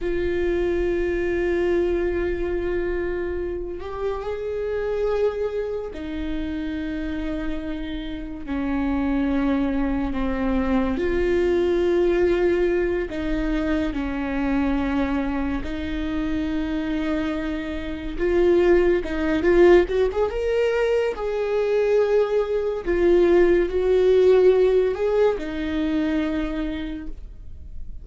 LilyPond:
\new Staff \with { instrumentName = "viola" } { \time 4/4 \tempo 4 = 71 f'1~ | f'8 g'8 gis'2 dis'4~ | dis'2 cis'2 | c'4 f'2~ f'8 dis'8~ |
dis'8 cis'2 dis'4.~ | dis'4. f'4 dis'8 f'8 fis'16 gis'16 | ais'4 gis'2 f'4 | fis'4. gis'8 dis'2 | }